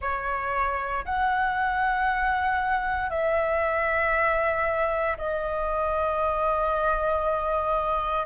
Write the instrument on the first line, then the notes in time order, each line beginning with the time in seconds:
flute
0.01 C#5
1.05 F#5
3.09 E5
5.17 D#5